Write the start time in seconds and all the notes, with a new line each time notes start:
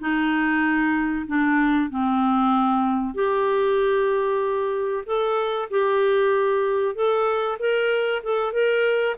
0.00 D#4
1.27 D4
1.90 C4
3.15 G4
5.06 A4
5.71 G4
6.95 A4
7.59 A#4
8.24 A4
8.53 A#4